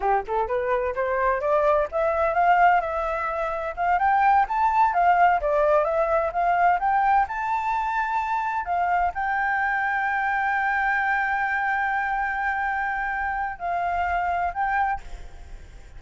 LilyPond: \new Staff \with { instrumentName = "flute" } { \time 4/4 \tempo 4 = 128 g'8 a'8 b'4 c''4 d''4 | e''4 f''4 e''2 | f''8 g''4 a''4 f''4 d''8~ | d''8 e''4 f''4 g''4 a''8~ |
a''2~ a''8 f''4 g''8~ | g''1~ | g''1~ | g''4 f''2 g''4 | }